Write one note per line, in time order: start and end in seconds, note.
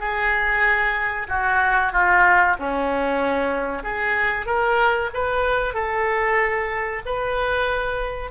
0.00 1.28 G#4
1.29 1.93 F#4
1.93 2.57 F4
2.60 3.84 C#4
3.84 4.47 G#4
4.47 5.10 A#4
5.14 5.74 B4
5.74 7.02 A4
7.06 8.31 B4